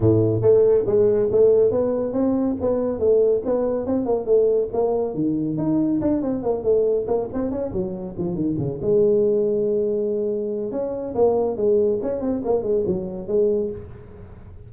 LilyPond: \new Staff \with { instrumentName = "tuba" } { \time 4/4 \tempo 4 = 140 a,4 a4 gis4 a4 | b4 c'4 b4 a4 | b4 c'8 ais8 a4 ais4 | dis4 dis'4 d'8 c'8 ais8 a8~ |
a8 ais8 c'8 cis'8 fis4 f8 dis8 | cis8 gis2.~ gis8~ | gis4 cis'4 ais4 gis4 | cis'8 c'8 ais8 gis8 fis4 gis4 | }